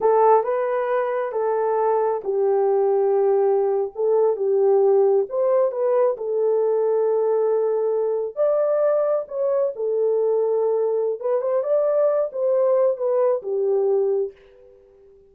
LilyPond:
\new Staff \with { instrumentName = "horn" } { \time 4/4 \tempo 4 = 134 a'4 b'2 a'4~ | a'4 g'2.~ | g'8. a'4 g'2 c''16~ | c''8. b'4 a'2~ a'16~ |
a'2~ a'8. d''4~ d''16~ | d''8. cis''4 a'2~ a'16~ | a'4 b'8 c''8 d''4. c''8~ | c''4 b'4 g'2 | }